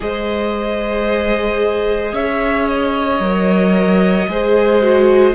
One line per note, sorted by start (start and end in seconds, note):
0.00 2.12 G#3
0.00 3.20 G#4
0.00 2.13 C5
0.00 2.15 D#5
2.12 3.19 C#4
2.12 4.28 C#5
2.12 2.67 E5
2.67 5.34 D#5
3.19 4.27 F#3
3.19 4.27 A#4
4.27 5.34 G#3
4.27 4.82 G#4
4.27 5.34 C5
4.82 5.34 F#4